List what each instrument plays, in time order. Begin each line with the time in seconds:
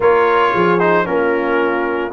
0.00 tuba A#3, trombone F4, horn A#4, trumpet C#5
0.53 tuba F3, horn G#4
0.79 trombone D#4, trumpet C5
1.05 tuba A#3, trombone C#4, horn F4, trumpet A#4